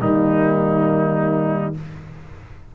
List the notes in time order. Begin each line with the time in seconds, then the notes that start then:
0.00 D#3 G3 A#3 D#4